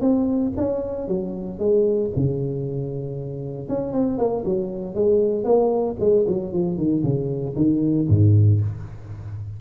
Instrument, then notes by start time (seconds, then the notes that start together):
tuba
0.00 C4
0.57 C#4
1.07 F#3
1.58 G#3
2.15 C#3
3.68 C#4
3.92 C4
4.18 A#3
4.45 F#3
4.94 G#3
5.44 A#3
5.99 G#3
6.27 F#3
6.52 F3
6.77 D#3
7.03 C#3
7.56 D#3
8.08 G#2